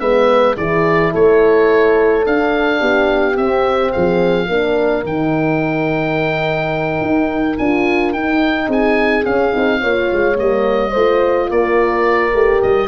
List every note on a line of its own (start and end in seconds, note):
0.00 0.56 G#3
0.00 0.56 B3
0.00 0.57 B4
0.00 0.56 E5
0.56 1.13 E3
0.56 2.24 E4
0.56 1.12 G#4
0.56 1.13 D5
1.12 2.26 A3
1.12 2.80 A4
1.12 2.26 C#5
2.24 3.35 D4
2.24 2.81 D4
2.24 3.37 F5
2.80 3.37 B3
2.80 3.92 G4
3.35 4.47 C4
3.35 3.93 C4
3.35 3.92 E5
3.92 4.48 F3
3.92 4.48 G#4
3.92 5.04 F5
4.48 5.04 A#3
4.48 5.05 D4
4.48 8.67 A#4
5.04 7.00 D#3
5.04 7.59 D#4
5.04 7.57 G5
7.01 7.57 D#4
7.57 8.13 D4
7.57 8.16 F4
7.57 8.13 G#5
8.13 8.68 D#4
8.13 9.24 D#4
8.13 8.69 G5
8.67 9.24 C4
8.67 9.79 G#4
8.67 9.25 G#5
9.24 9.52 C#4
9.24 9.54 C#4
9.24 10.37 F5
9.52 9.83 C4
9.52 9.80 D#4
9.81 10.11 A#3
9.81 10.35 F4
9.81 10.91 C#5
10.12 10.39 G#3
10.35 10.95 G3
10.35 10.91 A#3
10.35 11.51 D#5
10.91 11.50 A3
10.91 12.33 F4
10.91 11.47 C5
11.50 12.34 A#3
11.50 12.88 A#4
11.50 12.62 D5
12.33 12.62 A3
12.33 12.88 G4
12.62 12.88 G3
12.62 12.88 D#5